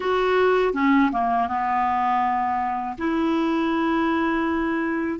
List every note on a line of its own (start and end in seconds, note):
0.00 0.73 F#4
0.73 1.10 C#4
1.12 1.48 A#3
1.48 2.96 B3
2.98 5.19 E4